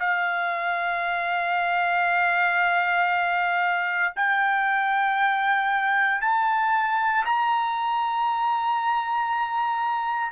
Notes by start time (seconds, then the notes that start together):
0.00 F5
4.16 G5
6.21 A5
7.26 A#5